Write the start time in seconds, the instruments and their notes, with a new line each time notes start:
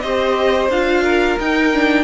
0.00 cello C4, viola G4, violin C5 D#5
0.69 cello D4, viola F4, violin F5
1.03 violin A#4
1.39 cello D#4, viola D#4, violin G5
1.73 viola D4